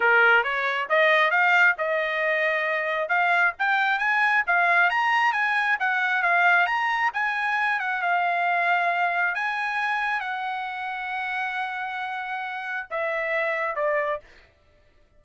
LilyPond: \new Staff \with { instrumentName = "trumpet" } { \time 4/4 \tempo 4 = 135 ais'4 cis''4 dis''4 f''4 | dis''2. f''4 | g''4 gis''4 f''4 ais''4 | gis''4 fis''4 f''4 ais''4 |
gis''4. fis''8 f''2~ | f''4 gis''2 fis''4~ | fis''1~ | fis''4 e''2 d''4 | }